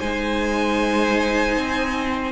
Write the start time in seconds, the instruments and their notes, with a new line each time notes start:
0.00 cello G#3, viola D#4, violin C5 G#5
1.56 cello C4